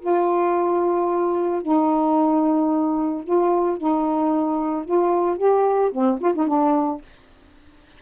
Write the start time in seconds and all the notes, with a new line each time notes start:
0.00 F4
1.62 D#4
3.24 F4
3.77 D#4
4.85 F4
5.37 G4
5.92 C4
6.21 F4
6.34 D#4
6.47 D4